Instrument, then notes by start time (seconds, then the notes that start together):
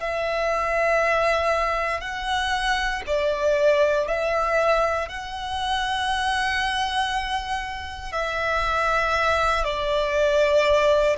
violin
0.00 E5
2.01 F#5
3.06 D5
4.08 E5
5.08 F#5
8.13 E5
9.64 D5